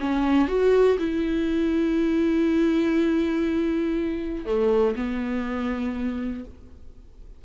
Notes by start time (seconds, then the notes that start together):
0.00 C#4
0.48 F#4
0.99 E4
4.46 A3
4.96 B3